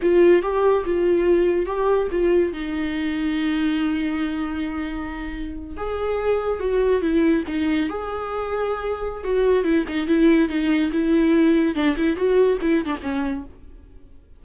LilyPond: \new Staff \with { instrumentName = "viola" } { \time 4/4 \tempo 4 = 143 f'4 g'4 f'2 | g'4 f'4 dis'2~ | dis'1~ | dis'4.~ dis'16 gis'2 fis'16~ |
fis'8. e'4 dis'4 gis'4~ gis'16~ | gis'2 fis'4 e'8 dis'8 | e'4 dis'4 e'2 | d'8 e'8 fis'4 e'8. d'16 cis'4 | }